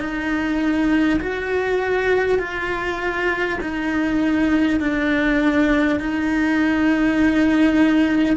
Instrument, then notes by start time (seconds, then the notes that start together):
cello
0.00 D#4
1.21 F#4
2.39 F4
3.61 D#4
4.81 D4
6.00 D#4